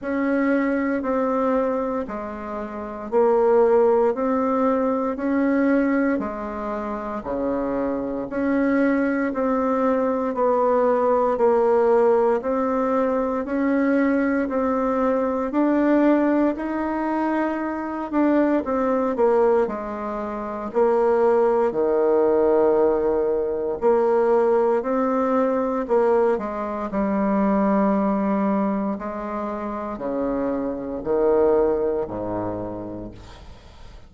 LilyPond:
\new Staff \with { instrumentName = "bassoon" } { \time 4/4 \tempo 4 = 58 cis'4 c'4 gis4 ais4 | c'4 cis'4 gis4 cis4 | cis'4 c'4 b4 ais4 | c'4 cis'4 c'4 d'4 |
dis'4. d'8 c'8 ais8 gis4 | ais4 dis2 ais4 | c'4 ais8 gis8 g2 | gis4 cis4 dis4 gis,4 | }